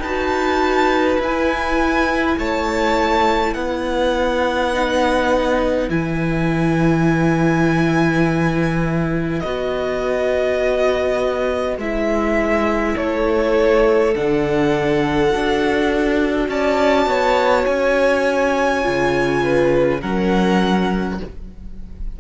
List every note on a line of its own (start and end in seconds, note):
0.00 1.18 D#4
0.00 1.22 F#4
0.00 2.36 B4
0.00 1.20 A5
1.19 2.37 E4
1.19 4.74 E4
1.19 2.39 G#5
2.38 3.55 A3
2.38 3.55 C#5
2.38 3.54 A5
3.54 5.89 B3
3.54 12.94 B4
3.54 5.89 F#5
4.74 5.89 D#4
5.89 9.42 E3
5.89 9.42 E4
5.89 9.40 G#5
9.40 11.77 B3
9.40 11.80 F#4
9.40 11.75 D#5
11.77 12.95 G#3
11.77 14.15 E4
11.77 12.97 E5
12.94 14.15 A3
12.94 16.47 A4
12.94 14.15 C#5
14.15 15.34 D3
14.15 15.31 D4
14.15 16.50 F#5
15.31 16.49 D4
15.31 18.83 F#4
16.49 17.06 C#4
16.49 17.09 D5
16.49 17.65 A5
17.06 17.65 B3
17.06 19.43 C#5
17.65 18.85 C#4
17.65 20.01 G#5
18.83 20.03 C#3
18.83 20.00 F4
19.43 20.01 B4
20.01 21.20 F#3
20.01 21.19 C#4
20.01 21.19 A#4
20.01 21.20 F#5